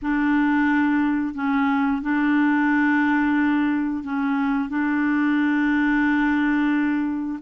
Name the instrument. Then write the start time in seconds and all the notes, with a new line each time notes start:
clarinet
0.02 D4
1.34 C#4
2.01 D4
4.03 C#4
4.69 D4